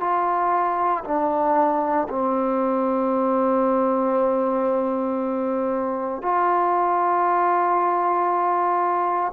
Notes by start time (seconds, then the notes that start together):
0.00 F4
1.04 D4
2.09 C4
6.22 F4